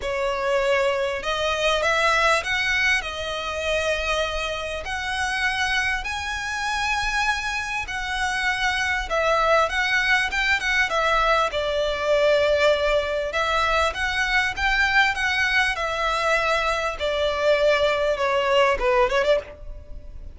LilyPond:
\new Staff \with { instrumentName = "violin" } { \time 4/4 \tempo 4 = 99 cis''2 dis''4 e''4 | fis''4 dis''2. | fis''2 gis''2~ | gis''4 fis''2 e''4 |
fis''4 g''8 fis''8 e''4 d''4~ | d''2 e''4 fis''4 | g''4 fis''4 e''2 | d''2 cis''4 b'8 cis''16 d''16 | }